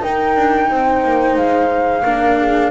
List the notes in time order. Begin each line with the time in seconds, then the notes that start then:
0.00 D#4 A#4 G5
0.36 D4
0.69 C4 C5
1.04 A#3
1.37 G#3 F5
2.03 A#3 D4 A#4
2.38 G#4